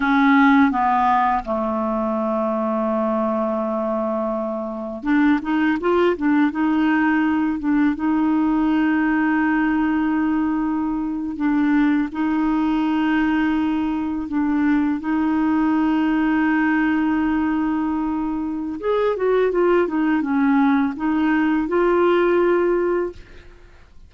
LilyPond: \new Staff \with { instrumentName = "clarinet" } { \time 4/4 \tempo 4 = 83 cis'4 b4 a2~ | a2. d'8 dis'8 | f'8 d'8 dis'4. d'8 dis'4~ | dis'2.~ dis'8. d'16~ |
d'8. dis'2. d'16~ | d'8. dis'2.~ dis'16~ | dis'2 gis'8 fis'8 f'8 dis'8 | cis'4 dis'4 f'2 | }